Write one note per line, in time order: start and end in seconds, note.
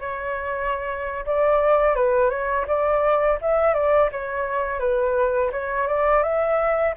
0.00 1.25 C#5
1.26 1.95 D5
1.95 2.30 B4
2.30 2.66 C#5
2.67 3.39 D5
3.41 3.74 E5
3.74 4.09 D5
4.12 4.79 C#5
4.79 5.51 B4
5.52 5.87 C#5
5.87 6.23 D5
6.23 6.94 E5